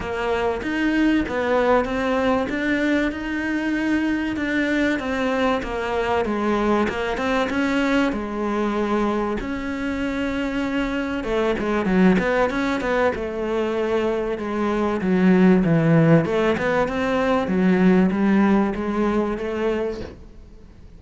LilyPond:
\new Staff \with { instrumentName = "cello" } { \time 4/4 \tempo 4 = 96 ais4 dis'4 b4 c'4 | d'4 dis'2 d'4 | c'4 ais4 gis4 ais8 c'8 | cis'4 gis2 cis'4~ |
cis'2 a8 gis8 fis8 b8 | cis'8 b8 a2 gis4 | fis4 e4 a8 b8 c'4 | fis4 g4 gis4 a4 | }